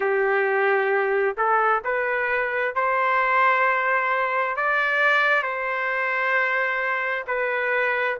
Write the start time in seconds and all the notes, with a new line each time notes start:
0.00 G4
1.37 A4
1.84 B4
2.75 C5
4.56 D5
5.43 C5
7.27 B4